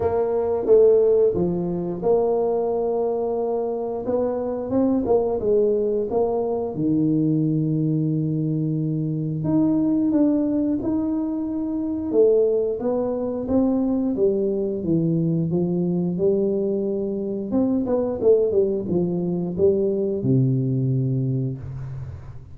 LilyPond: \new Staff \with { instrumentName = "tuba" } { \time 4/4 \tempo 4 = 89 ais4 a4 f4 ais4~ | ais2 b4 c'8 ais8 | gis4 ais4 dis2~ | dis2 dis'4 d'4 |
dis'2 a4 b4 | c'4 g4 e4 f4 | g2 c'8 b8 a8 g8 | f4 g4 c2 | }